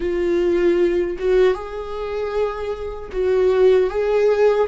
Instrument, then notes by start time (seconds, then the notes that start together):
viola
0.00 F4
1.19 F#4
1.53 G#4
3.12 F#4
3.90 G#4